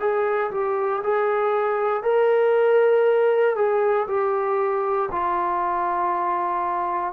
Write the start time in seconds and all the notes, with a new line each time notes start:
0.00 G#4
0.51 G4
1.04 G#4
2.03 A#4
3.56 G#4
4.08 G4
5.12 F4